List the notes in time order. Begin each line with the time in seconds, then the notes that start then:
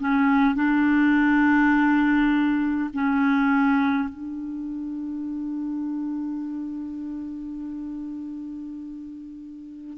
0.00 C#4
0.55 D4
2.94 C#4
4.09 D4